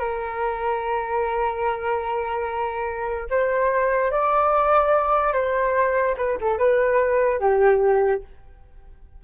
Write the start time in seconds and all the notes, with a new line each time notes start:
0.00 A#4
3.30 C5
4.12 D5
5.34 C5
6.18 B4
6.41 A4
6.58 B4
7.40 G4